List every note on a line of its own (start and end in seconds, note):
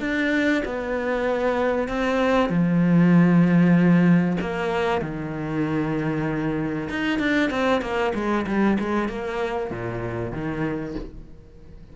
0.00 0.62 D4
0.64 1.88 B3
1.88 2.49 C4
2.49 4.37 F3
4.41 5.01 A#3
5.01 6.89 D#3
6.89 7.19 D#4
7.19 7.50 D4
7.50 7.81 C4
7.81 8.12 A#3
8.14 8.45 G#3
8.47 8.78 G3
8.79 9.09 G#3
9.09 9.70 A#3
9.70 10.32 A#2
10.32 10.95 D#3